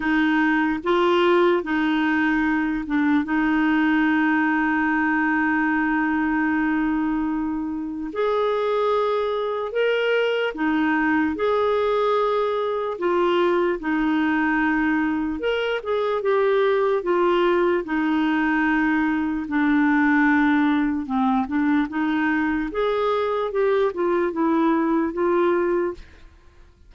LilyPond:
\new Staff \with { instrumentName = "clarinet" } { \time 4/4 \tempo 4 = 74 dis'4 f'4 dis'4. d'8 | dis'1~ | dis'2 gis'2 | ais'4 dis'4 gis'2 |
f'4 dis'2 ais'8 gis'8 | g'4 f'4 dis'2 | d'2 c'8 d'8 dis'4 | gis'4 g'8 f'8 e'4 f'4 | }